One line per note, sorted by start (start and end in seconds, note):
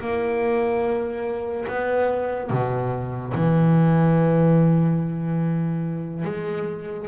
0.00 1.67 A#3
1.68 2.50 B3
2.50 3.33 B2
3.34 6.25 E3
6.25 7.08 G#3